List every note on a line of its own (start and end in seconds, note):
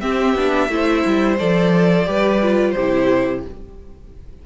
0.00 0.34 C4
0.00 0.35 C4
0.00 0.69 G4
0.00 1.36 E5
0.35 0.69 B3
0.35 0.69 D4
0.69 1.03 A3
0.69 1.37 E4
0.69 2.08 C5
1.06 1.40 G3
1.38 2.07 F3
1.38 2.05 A4
1.38 2.71 D5
2.05 2.75 G3
2.05 2.39 G4
2.05 2.74 B4
2.42 2.76 F4
2.71 3.45 C3
2.71 3.42 G4
2.71 3.39 C5
2.78 3.46 E4